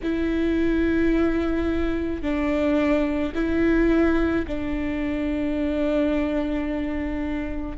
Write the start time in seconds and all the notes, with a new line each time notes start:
0.03 E4
2.21 D4
3.34 E4
4.47 D4